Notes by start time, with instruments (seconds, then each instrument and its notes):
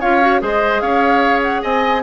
0.00 bassoon C#4, clarinet F4, oboe C#5, flute F5
0.21 clarinet F#4
0.40 bassoon G#3, clarinet G#4, oboe C5, flute D#5
0.81 bassoon C#4, oboe C#5, flute F5
1.42 flute F#5
1.62 bassoon C4, oboe D#5, flute G#5